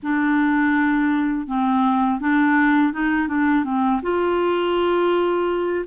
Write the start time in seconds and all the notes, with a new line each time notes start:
0.02 D4
1.47 C4
2.20 D4
2.92 D#4
3.28 D4
3.64 C4
4.02 F4